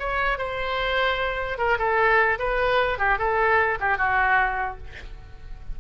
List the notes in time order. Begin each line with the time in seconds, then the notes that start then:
0.00 C#5
0.38 C5
1.59 A#4
1.79 A4
2.39 B4
2.99 G4
3.19 A4
3.80 G4
3.98 F#4